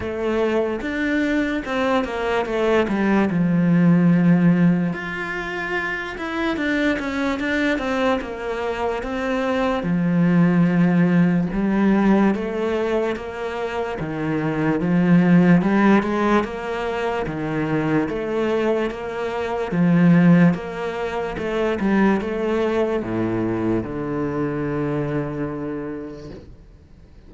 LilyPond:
\new Staff \with { instrumentName = "cello" } { \time 4/4 \tempo 4 = 73 a4 d'4 c'8 ais8 a8 g8 | f2 f'4. e'8 | d'8 cis'8 d'8 c'8 ais4 c'4 | f2 g4 a4 |
ais4 dis4 f4 g8 gis8 | ais4 dis4 a4 ais4 | f4 ais4 a8 g8 a4 | a,4 d2. | }